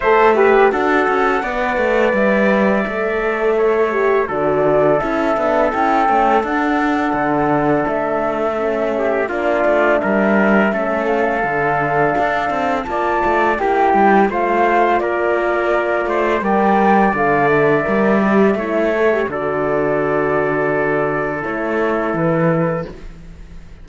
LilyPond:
<<
  \new Staff \with { instrumentName = "flute" } { \time 4/4 \tempo 4 = 84 e''4 fis''2 e''4~ | e''2 d''4 e''4 | g''4 fis''2 e''4~ | e''4 d''4 e''4. f''8~ |
f''2 a''4 g''4 | f''4 d''2 g''4 | f''8 e''2~ e''8 d''4~ | d''2 cis''4 b'4 | }
  \new Staff \with { instrumentName = "trumpet" } { \time 4/4 c''8 b'8 a'4 d''2~ | d''4 cis''4 a'2~ | a'1~ | a'8 g'8 f'4 ais'4 a'4~ |
a'2 d''4 g'4 | c''4 ais'4. c''8 d''4~ | d''2 cis''4 a'4~ | a'1 | }
  \new Staff \with { instrumentName = "horn" } { \time 4/4 a'8 g'8 fis'4 b'2 | a'4. g'8 fis'4 e'8 d'8 | e'8 cis'8 d'2. | cis'4 d'2 cis'4 |
d'2 f'4 e'4 | f'2. ais'4 | a'4 ais'8 g'8 e'8 a'16 g'16 fis'4~ | fis'2 e'2 | }
  \new Staff \with { instrumentName = "cello" } { \time 4/4 a4 d'8 cis'8 b8 a8 g4 | a2 d4 cis'8 b8 | cis'8 a8 d'4 d4 a4~ | a4 ais8 a8 g4 a4 |
d4 d'8 c'8 ais8 a8 ais8 g8 | a4 ais4. a8 g4 | d4 g4 a4 d4~ | d2 a4 e4 | }
>>